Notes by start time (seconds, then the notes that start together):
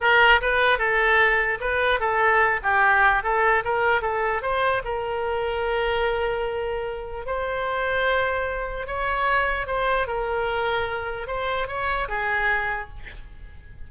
0.00 A#4
0.41 B4
0.78 A4
1.60 B4
1.99 A4
2.62 G4
3.23 A4
3.64 A#4
4.01 A4
4.42 C5
4.84 A#4
7.26 C5
8.87 C#5
9.66 C5
10.07 A#4
11.27 C5
11.67 C#5
12.08 G#4